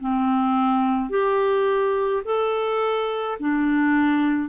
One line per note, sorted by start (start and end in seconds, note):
0.00 1.10 C4
1.10 2.23 G4
2.25 3.38 A4
3.40 4.49 D4